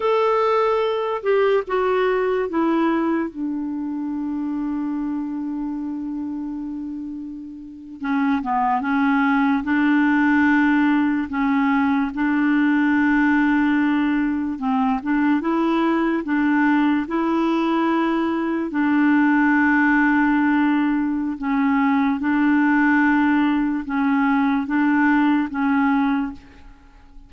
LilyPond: \new Staff \with { instrumentName = "clarinet" } { \time 4/4 \tempo 4 = 73 a'4. g'8 fis'4 e'4 | d'1~ | d'4.~ d'16 cis'8 b8 cis'4 d'16~ | d'4.~ d'16 cis'4 d'4~ d'16~ |
d'4.~ d'16 c'8 d'8 e'4 d'16~ | d'8. e'2 d'4~ d'16~ | d'2 cis'4 d'4~ | d'4 cis'4 d'4 cis'4 | }